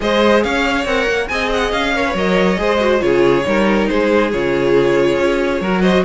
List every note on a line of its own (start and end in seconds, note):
0.00 0.44 G#3
0.00 0.86 G#4
0.00 0.43 C5
0.00 0.43 D#5
0.43 0.85 C#4
0.43 1.29 C#5
0.43 0.86 F5
0.85 1.06 C4
0.85 1.29 A#4
0.85 1.28 F#5
1.07 1.29 A#3
1.28 1.72 C4
1.28 1.94 G#4
1.28 1.95 D#5
1.28 1.49 G#5
1.53 1.71 F#5
1.71 2.14 C#4
1.71 2.14 F5
1.95 2.06 A#4
1.95 2.59 C#5
2.06 2.16 B4
2.14 2.57 F#3
2.14 2.57 A#4
2.14 3.01 D#5
2.57 3.01 G#3
2.57 2.79 G#4
2.57 3.03 C5
2.79 2.99 F#4
2.99 3.45 C#3
2.99 3.42 F4
2.99 3.46 G#4
2.99 3.87 C#5
3.45 3.89 G3
3.45 4.31 D#4
3.45 3.90 A#4
3.87 4.33 G#3
3.87 5.61 G#4
3.87 4.30 C5
4.31 5.17 C#3
4.31 5.63 F4
4.31 5.81 C#5
5.17 5.60 C#4
5.60 6.04 F#3
5.60 6.05 F#4
5.60 5.82 A#4
5.81 6.04 C5
5.81 6.02 D#5